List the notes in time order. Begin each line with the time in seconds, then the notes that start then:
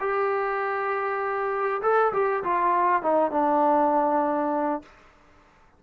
0.00 G4
1.82 A4
2.13 G4
2.44 F4
3.02 D#4
3.31 D4